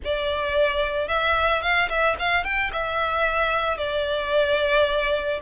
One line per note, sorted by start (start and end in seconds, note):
0.04 1.08 D5
1.08 1.61 E5
1.61 1.88 F5
1.89 2.16 E5
2.19 2.43 F5
2.43 2.71 G5
2.72 3.77 E5
3.77 5.39 D5